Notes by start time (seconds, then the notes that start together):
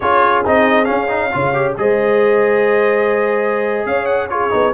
0.00 C#4 F4 G#4 C#5
0.44 C4 D#4 D#5
0.84 C#4 F5
1.08 D#4
1.32 C#3 F4 C#5
1.53 G4
1.77 G#3 G#4 C5 D#5
3.86 C#4 C#5 F5
4.05 F#5
4.29 F4 G#4 C#5
4.50 B3 D#4